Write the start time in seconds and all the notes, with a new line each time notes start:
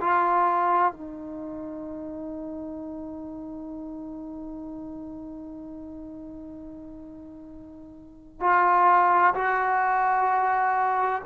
0.00 F4
0.92 D#4
8.40 F4
9.34 F#4